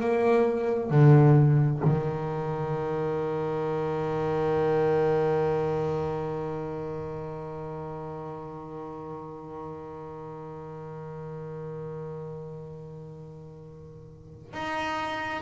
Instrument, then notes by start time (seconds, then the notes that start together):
double bass
0.00 A#3
0.90 D3
1.84 D#3
14.53 D#4